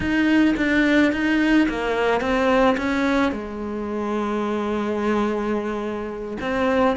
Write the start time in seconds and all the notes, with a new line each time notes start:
0.00 D#4
0.56 D4
1.12 D#4
1.68 A#3
2.20 C4
2.77 C#4
3.32 G#3
6.40 C4